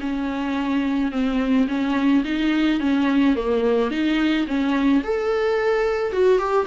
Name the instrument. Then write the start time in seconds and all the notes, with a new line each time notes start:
viola
0.00 C#4
1.11 C4
1.68 C#4
2.24 D#4
2.80 C#4
3.35 A#3
3.90 D#4
4.47 C#4
5.03 A4
6.12 F#4
6.38 G4